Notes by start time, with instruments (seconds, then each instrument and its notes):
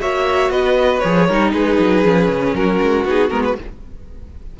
0.00 cello A#3, viola F#4, violin C#5 E5
0.49 cello B3, violin B4 D#5
0.99 cello F3, viola G#4, violin C#5
1.27 cello G3, viola D#4, violin A#4
1.53 cello G#3, violin G#4 B4
1.79 cello F#3
2.05 cello F3, viola C#4
2.28 cello C#3
2.54 cello F#3, violin F#4 A#4
2.82 cello G#3
3.05 cello B3, viola D#4, violin G#4
3.30 cello G#3, viola B3, violin A#4
3.44 violin B4